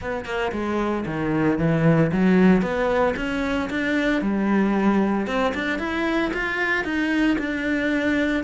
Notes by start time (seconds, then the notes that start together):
0.01 B3
0.25 A#3
0.52 G#3
1.06 D#3
1.58 E3
2.11 F#3
2.61 B3
3.16 C#4
3.70 D4
4.21 G3
5.26 C4
5.54 D4
5.78 E4
6.33 F4
6.84 D#4
7.38 D4